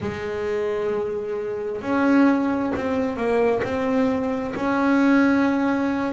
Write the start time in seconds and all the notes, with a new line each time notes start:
0.00 G#3
1.81 C#4
2.75 C4
3.16 A#3
3.63 C4
4.55 C#4